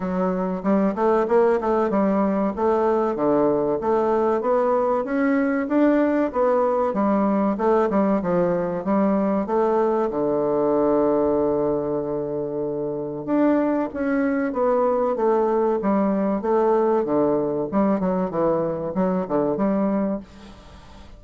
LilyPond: \new Staff \with { instrumentName = "bassoon" } { \time 4/4 \tempo 4 = 95 fis4 g8 a8 ais8 a8 g4 | a4 d4 a4 b4 | cis'4 d'4 b4 g4 | a8 g8 f4 g4 a4 |
d1~ | d4 d'4 cis'4 b4 | a4 g4 a4 d4 | g8 fis8 e4 fis8 d8 g4 | }